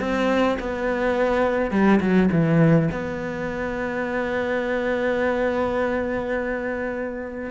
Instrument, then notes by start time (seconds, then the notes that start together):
cello
0.00 C4
0.60 B3
1.71 G3
2.01 F#3
2.32 E3
2.92 B3